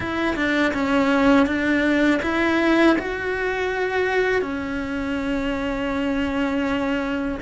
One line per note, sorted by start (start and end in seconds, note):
0.00 0.35 E4
0.35 0.72 D4
0.73 1.46 C#4
1.46 2.20 D4
2.22 2.96 E4
2.98 4.41 F#4
4.41 7.37 C#4